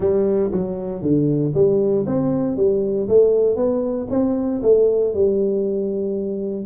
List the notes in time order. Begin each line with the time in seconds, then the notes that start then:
0.00 G3
0.51 F#3
1.02 D3
1.54 G3
2.06 C4
2.56 G3
3.08 A3
3.56 B3
4.10 C4
4.62 A3
5.14 G3